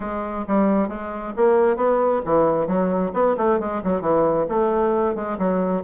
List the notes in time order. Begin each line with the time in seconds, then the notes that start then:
0.00 G#3
0.47 G3
0.88 G#3
1.36 A#3
1.76 B3
2.25 E3
2.67 F#3
3.13 B3
3.37 A3
3.59 G#3
3.83 F#3
4.01 E3
4.48 A3
5.15 G#3
5.38 F#3